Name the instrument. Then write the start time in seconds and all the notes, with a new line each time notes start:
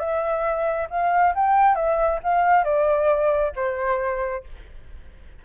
flute
0.00 E5
0.90 F5
1.35 G5
1.75 E5
2.23 F5
2.64 D5
3.56 C5